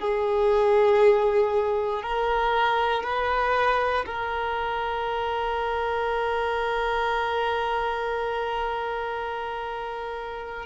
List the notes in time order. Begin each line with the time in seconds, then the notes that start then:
0.00 G#4
2.03 A#4
3.04 B4
4.06 A#4